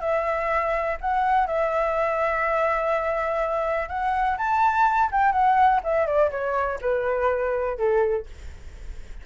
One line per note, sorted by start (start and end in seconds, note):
0.00 0.97 E5
1.01 1.46 F#5
1.46 3.88 E5
3.88 4.37 F#5
4.37 5.10 A5
5.12 5.32 G5
5.32 5.80 F#5
5.84 6.06 E5
6.06 6.30 D5
6.31 6.79 C#5
6.81 7.77 B4
7.77 8.26 A4